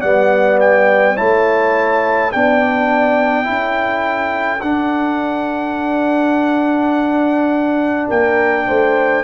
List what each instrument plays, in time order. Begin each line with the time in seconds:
0.00 tuba G3, trombone B3, horn D5, trumpet F#5
0.60 trumpet G5
1.15 tuba A3, trombone E4, horn C#5, trumpet A5
2.31 tuba B3, trombone D4, horn D5, trumpet G5
3.43 tuba C#4, trombone E4, horn A4
4.61 tuba D4, trombone D4, trumpet F#5
8.07 tuba A#3, horn A#4, trumpet G5
8.67 tuba A3, horn C5